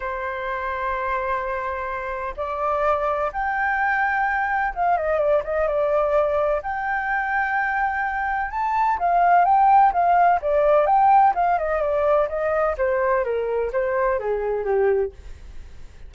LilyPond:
\new Staff \with { instrumentName = "flute" } { \time 4/4 \tempo 4 = 127 c''1~ | c''4 d''2 g''4~ | g''2 f''8 dis''8 d''8 dis''8 | d''2 g''2~ |
g''2 a''4 f''4 | g''4 f''4 d''4 g''4 | f''8 dis''8 d''4 dis''4 c''4 | ais'4 c''4 gis'4 g'4 | }